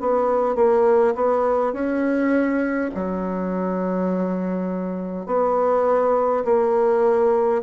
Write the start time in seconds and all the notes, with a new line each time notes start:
0.00 B3
0.56 A#3
1.15 B3
1.73 C#4
2.95 F#3
5.26 B3
6.44 A#3